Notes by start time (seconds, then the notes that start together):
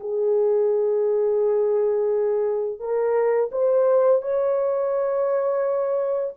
0.00 G#4
2.79 A#4
3.52 C5
4.22 C#5